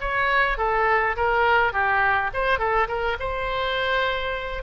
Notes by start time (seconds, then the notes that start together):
0.00 C#5
0.57 A4
1.16 A#4
1.72 G4
2.33 C5
2.58 A4
2.88 A#4
3.20 C5